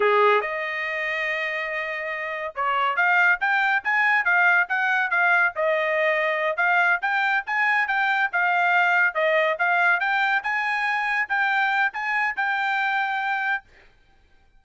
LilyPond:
\new Staff \with { instrumentName = "trumpet" } { \time 4/4 \tempo 4 = 141 gis'4 dis''2.~ | dis''2 cis''4 f''4 | g''4 gis''4 f''4 fis''4 | f''4 dis''2~ dis''8 f''8~ |
f''8 g''4 gis''4 g''4 f''8~ | f''4. dis''4 f''4 g''8~ | g''8 gis''2 g''4. | gis''4 g''2. | }